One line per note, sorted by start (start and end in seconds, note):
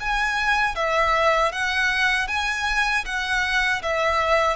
0.00 0.75 G#5
0.75 1.52 E5
1.52 2.28 F#5
2.28 3.05 G#5
3.05 3.82 F#5
3.83 4.56 E5